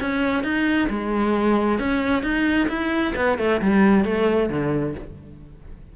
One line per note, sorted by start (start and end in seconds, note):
0.00 0.43 C#4
0.43 0.88 D#4
0.89 1.79 G#3
1.79 2.23 C#4
2.23 2.68 D#4
2.68 3.13 E4
3.16 3.38 B3
3.38 3.61 A3
3.61 4.05 G3
4.05 4.49 A3
4.49 4.94 D3